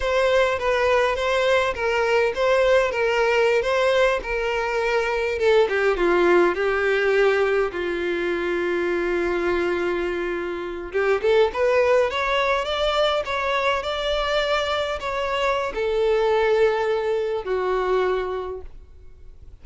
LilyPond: \new Staff \with { instrumentName = "violin" } { \time 4/4 \tempo 4 = 103 c''4 b'4 c''4 ais'4 | c''4 ais'4~ ais'16 c''4 ais'8.~ | ais'4~ ais'16 a'8 g'8 f'4 g'8.~ | g'4~ g'16 f'2~ f'8.~ |
f'2~ f'8. g'8 a'8 b'16~ | b'8. cis''4 d''4 cis''4 d''16~ | d''4.~ d''16 cis''4~ cis''16 a'4~ | a'2 fis'2 | }